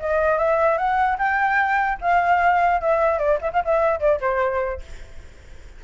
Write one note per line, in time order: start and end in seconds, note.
0.00 0.39 D#5
0.39 0.78 E5
0.78 1.18 F#5
1.18 1.99 G5
2.01 2.81 F5
2.81 3.19 E5
3.19 3.39 D5
3.42 3.52 E5
3.53 3.64 F5
3.65 4.00 E5
4.00 4.20 D5
4.21 4.81 C5